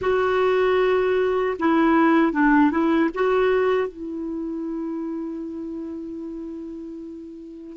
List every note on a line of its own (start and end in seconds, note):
0.01 1.57 F#4
1.59 2.32 E4
2.32 2.71 D4
2.71 3.10 E4
3.14 3.87 F#4
3.87 7.77 E4